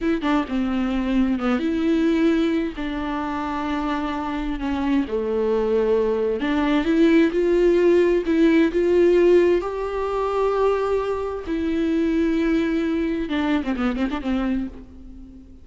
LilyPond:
\new Staff \with { instrumentName = "viola" } { \time 4/4 \tempo 4 = 131 e'8 d'8 c'2 b8 e'8~ | e'2 d'2~ | d'2 cis'4 a4~ | a2 d'4 e'4 |
f'2 e'4 f'4~ | f'4 g'2.~ | g'4 e'2.~ | e'4 d'8. c'16 b8 c'16 d'16 c'4 | }